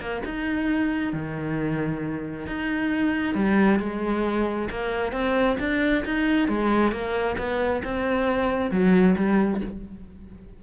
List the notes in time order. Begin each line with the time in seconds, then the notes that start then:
0.00 A#3
0.25 D#4
1.13 D#3
2.46 D#4
3.34 G3
3.79 G#3
4.70 A#3
5.12 C4
5.59 D4
6.05 D#4
6.48 G#3
6.91 A#3
7.37 B3
7.84 C4
8.71 F#3
9.16 G3